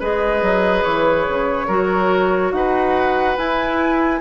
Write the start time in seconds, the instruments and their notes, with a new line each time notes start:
0.00 bassoon G#3, clarinet G#4, oboe B4, flute D#5
0.42 bassoon F#3
0.84 bassoon E3, flute C#5
1.28 bassoon C#3
1.67 bassoon F#3, clarinet F#4, oboe A#4
2.52 bassoon D#4, oboe B4, flute F#5
3.37 clarinet E4, bassoon E4, flute G#5